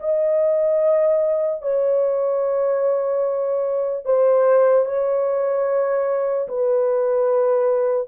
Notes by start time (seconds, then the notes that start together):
0.00 D#5
1.62 C#5
4.05 C5
4.86 C#5
6.49 B4